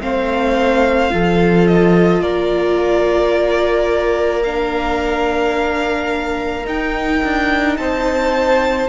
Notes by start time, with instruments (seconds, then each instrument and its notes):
0.00 cello A3, viola C4, violin C5 F5
1.10 cello F3, viola F4, violin A4
1.67 violin D#5
2.21 cello A#3, violin A#4 D5
4.43 viola D4, violin F5
6.64 viola D#4, cello D#4, violin G5
7.23 cello D4
7.77 cello C4, violin C5 A5